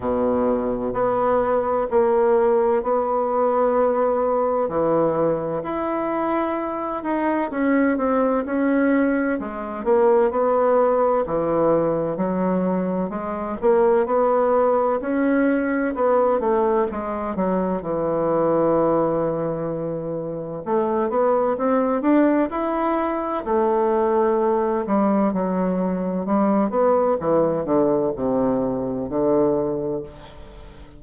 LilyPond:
\new Staff \with { instrumentName = "bassoon" } { \time 4/4 \tempo 4 = 64 b,4 b4 ais4 b4~ | b4 e4 e'4. dis'8 | cis'8 c'8 cis'4 gis8 ais8 b4 | e4 fis4 gis8 ais8 b4 |
cis'4 b8 a8 gis8 fis8 e4~ | e2 a8 b8 c'8 d'8 | e'4 a4. g8 fis4 | g8 b8 e8 d8 c4 d4 | }